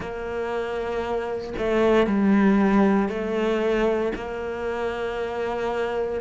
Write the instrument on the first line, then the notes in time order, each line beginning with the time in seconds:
cello
0.00 A#3
1.58 A3
2.06 G3
3.08 A3
4.15 A#3